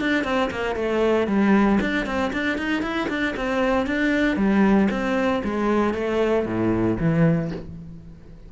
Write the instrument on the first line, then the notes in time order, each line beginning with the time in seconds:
cello
0.00 D4
0.24 C4
0.51 A#3
0.75 A3
1.27 G3
1.80 D4
2.06 C4
2.32 D4
2.58 D#4
2.82 E4
3.08 D4
3.36 C4
3.86 D4
4.36 G3
4.91 C4
5.44 G#3
5.94 A3
6.45 A2
6.99 E3